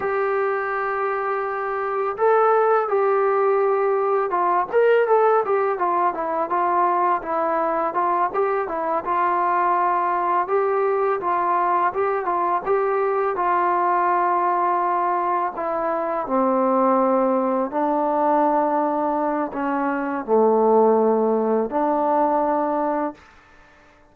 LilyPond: \new Staff \with { instrumentName = "trombone" } { \time 4/4 \tempo 4 = 83 g'2. a'4 | g'2 f'8 ais'8 a'8 g'8 | f'8 e'8 f'4 e'4 f'8 g'8 | e'8 f'2 g'4 f'8~ |
f'8 g'8 f'8 g'4 f'4.~ | f'4. e'4 c'4.~ | c'8 d'2~ d'8 cis'4 | a2 d'2 | }